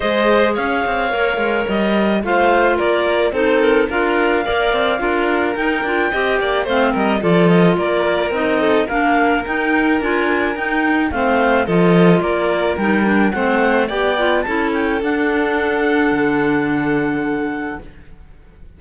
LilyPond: <<
  \new Staff \with { instrumentName = "clarinet" } { \time 4/4 \tempo 4 = 108 dis''4 f''2 dis''4 | f''4 d''4 c''8 ais'8 f''4~ | f''2 g''2 | f''8 dis''8 d''8 dis''8 d''4 dis''4 |
f''4 g''4 gis''4 g''4 | f''4 dis''4 d''4 g''4 | fis''4 g''4 a''8 g''8 fis''4~ | fis''1 | }
  \new Staff \with { instrumentName = "violin" } { \time 4/4 c''4 cis''2. | c''4 ais'4 a'4 ais'4 | d''4 ais'2 dis''8 d''8 | c''8 ais'8 a'4 ais'4. a'8 |
ais'1 | c''4 a'4 ais'2 | c''4 d''4 a'2~ | a'1 | }
  \new Staff \with { instrumentName = "clarinet" } { \time 4/4 gis'2 ais'2 | f'2 dis'4 f'4 | ais'4 f'4 dis'8 f'8 g'4 | c'4 f'2 dis'4 |
d'4 dis'4 f'4 dis'4 | c'4 f'2 dis'8 d'8 | c'4 g'8 f'8 e'4 d'4~ | d'1 | }
  \new Staff \with { instrumentName = "cello" } { \time 4/4 gis4 cis'8 c'8 ais8 gis8 g4 | a4 ais4 c'4 d'4 | ais8 c'8 d'4 dis'8 d'8 c'8 ais8 | a8 g8 f4 ais4 c'4 |
ais4 dis'4 d'4 dis'4 | a4 f4 ais4 g4 | a4 b4 cis'4 d'4~ | d'4 d2. | }
>>